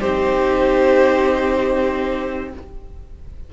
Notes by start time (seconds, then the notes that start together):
0.00 C4 D#4 G4 C5